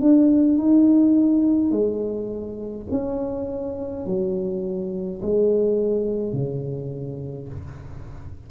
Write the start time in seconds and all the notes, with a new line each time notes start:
0.00 D4
0.58 D#4
1.71 G#3
2.91 C#4
4.06 F#3
5.22 G#3
6.33 C#3